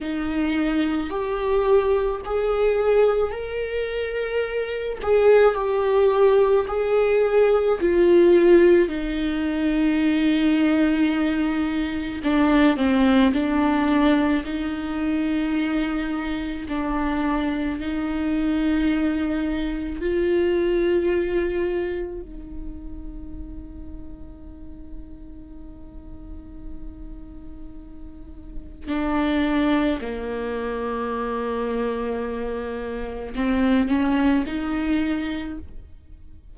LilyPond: \new Staff \with { instrumentName = "viola" } { \time 4/4 \tempo 4 = 54 dis'4 g'4 gis'4 ais'4~ | ais'8 gis'8 g'4 gis'4 f'4 | dis'2. d'8 c'8 | d'4 dis'2 d'4 |
dis'2 f'2 | dis'1~ | dis'2 d'4 ais4~ | ais2 c'8 cis'8 dis'4 | }